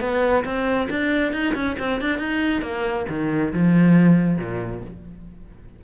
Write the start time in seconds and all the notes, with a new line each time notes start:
0.00 B3
0.44 C4
0.89 D4
1.32 D#4
1.54 C#4
1.79 C4
2.01 D4
2.18 D#4
2.62 A#3
3.09 D#3
3.53 F3
4.37 A#2